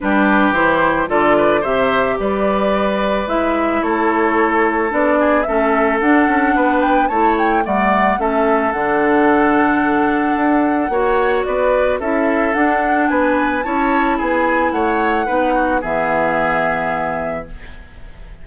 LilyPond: <<
  \new Staff \with { instrumentName = "flute" } { \time 4/4 \tempo 4 = 110 b'4 c''4 d''4 e''4 | d''2 e''4 cis''4~ | cis''4 d''4 e''4 fis''4~ | fis''8 g''8 a''8 g''8 fis''4 e''4 |
fis''1~ | fis''4 d''4 e''4 fis''4 | gis''4 a''4 gis''4 fis''4~ | fis''4 e''2. | }
  \new Staff \with { instrumentName = "oboe" } { \time 4/4 g'2 a'8 b'8 c''4 | b'2. a'4~ | a'4. gis'8 a'2 | b'4 cis''4 d''4 a'4~ |
a'1 | cis''4 b'4 a'2 | b'4 cis''4 gis'4 cis''4 | b'8 fis'8 gis'2. | }
  \new Staff \with { instrumentName = "clarinet" } { \time 4/4 d'4 e'4 f'4 g'4~ | g'2 e'2~ | e'4 d'4 cis'4 d'4~ | d'4 e'4 a4 cis'4 |
d'1 | fis'2 e'4 d'4~ | d'4 e'2. | dis'4 b2. | }
  \new Staff \with { instrumentName = "bassoon" } { \time 4/4 g4 e4 d4 c4 | g2 gis4 a4~ | a4 b4 a4 d'8 cis'8 | b4 a4 g4 a4 |
d2. d'4 | ais4 b4 cis'4 d'4 | b4 cis'4 b4 a4 | b4 e2. | }
>>